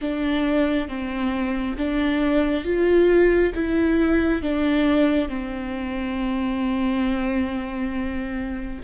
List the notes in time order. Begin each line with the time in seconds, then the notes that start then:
0.01 D4
0.88 C4
1.77 D4
2.64 F4
3.54 E4
4.42 D4
5.29 C4